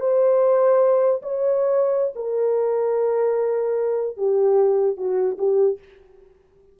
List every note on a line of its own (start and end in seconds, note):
0.00 1.22 C5
1.22 2.13 C#5
2.15 4.17 A#4
4.17 4.97 G4
4.97 5.37 F#4
5.38 5.78 G4